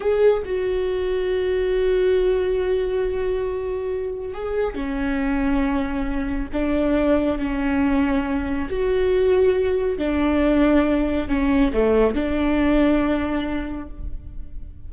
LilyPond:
\new Staff \with { instrumentName = "viola" } { \time 4/4 \tempo 4 = 138 gis'4 fis'2.~ | fis'1~ | fis'2 gis'4 cis'4~ | cis'2. d'4~ |
d'4 cis'2. | fis'2. d'4~ | d'2 cis'4 a4 | d'1 | }